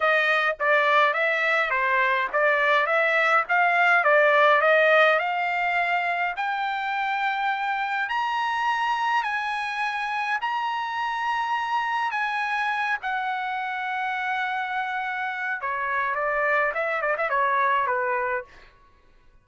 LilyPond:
\new Staff \with { instrumentName = "trumpet" } { \time 4/4 \tempo 4 = 104 dis''4 d''4 e''4 c''4 | d''4 e''4 f''4 d''4 | dis''4 f''2 g''4~ | g''2 ais''2 |
gis''2 ais''2~ | ais''4 gis''4. fis''4.~ | fis''2. cis''4 | d''4 e''8 d''16 e''16 cis''4 b'4 | }